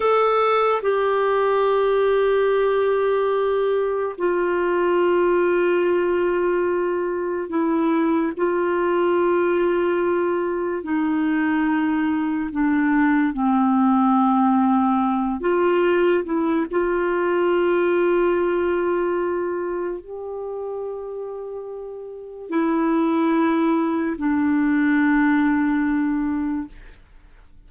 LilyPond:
\new Staff \with { instrumentName = "clarinet" } { \time 4/4 \tempo 4 = 72 a'4 g'2.~ | g'4 f'2.~ | f'4 e'4 f'2~ | f'4 dis'2 d'4 |
c'2~ c'8 f'4 e'8 | f'1 | g'2. e'4~ | e'4 d'2. | }